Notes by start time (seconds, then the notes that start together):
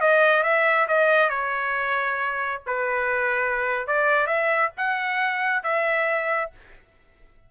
0.00 D#5
0.43 E5
0.88 D#5
1.29 C#5
2.66 B4
3.87 D5
4.27 E5
4.77 F#5
5.63 E5